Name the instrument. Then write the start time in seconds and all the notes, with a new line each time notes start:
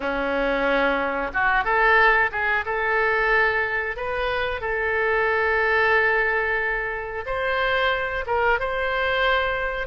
oboe
0.00 C#4
1.33 F#4
1.64 A4
2.31 G#4
2.65 A4
3.96 B4
4.61 A4
7.26 C5
8.26 A#4
8.59 C5